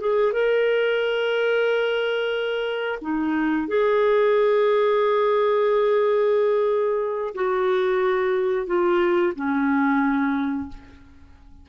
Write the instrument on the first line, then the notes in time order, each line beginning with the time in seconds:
clarinet
0.00 G#4
0.32 A#4
3.01 D#4
3.67 G#4
7.35 F#4
8.66 F4
9.35 C#4